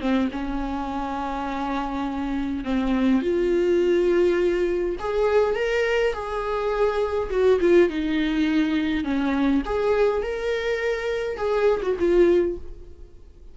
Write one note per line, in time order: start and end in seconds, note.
0.00 0.29 C4
0.32 2.64 C#4
2.64 3.21 C4
3.21 4.96 F4
4.99 5.55 G#4
5.55 6.13 A#4
6.13 7.30 G#4
7.30 7.59 F#4
7.60 7.89 F4
7.89 9.04 D#4
9.04 9.62 C#4
9.65 10.22 G#4
10.22 11.37 A#4
11.37 11.81 G#4
11.82 11.97 F#4
11.99 12.57 F4